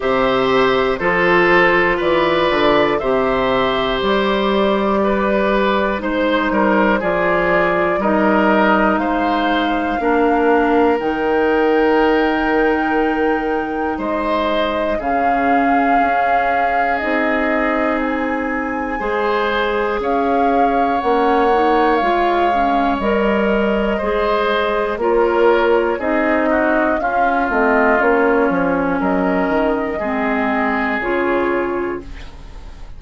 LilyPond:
<<
  \new Staff \with { instrumentName = "flute" } { \time 4/4 \tempo 4 = 60 e''4 c''4 d''4 e''4 | d''2 c''4 d''4 | dis''4 f''2 g''4~ | g''2 dis''4 f''4~ |
f''4 dis''4 gis''2 | f''4 fis''4 f''4 dis''4~ | dis''4 cis''4 dis''4 f''8 dis''8 | cis''4 dis''2 cis''4 | }
  \new Staff \with { instrumentName = "oboe" } { \time 4/4 c''4 a'4 b'4 c''4~ | c''4 b'4 c''8 ais'8 gis'4 | ais'4 c''4 ais'2~ | ais'2 c''4 gis'4~ |
gis'2. c''4 | cis''1 | c''4 ais'4 gis'8 fis'8 f'4~ | f'4 ais'4 gis'2 | }
  \new Staff \with { instrumentName = "clarinet" } { \time 4/4 g'4 f'2 g'4~ | g'2 dis'4 f'4 | dis'2 d'4 dis'4~ | dis'2. cis'4~ |
cis'4 dis'2 gis'4~ | gis'4 cis'8 dis'8 f'8 cis'8 ais'4 | gis'4 f'4 dis'4 cis'8 c'8 | cis'2 c'4 f'4 | }
  \new Staff \with { instrumentName = "bassoon" } { \time 4/4 c4 f4 e8 d8 c4 | g2 gis8 g8 f4 | g4 gis4 ais4 dis4~ | dis2 gis4 cis4 |
cis'4 c'2 gis4 | cis'4 ais4 gis4 g4 | gis4 ais4 c'4 cis'8 a8 | ais8 f8 fis8 dis8 gis4 cis4 | }
>>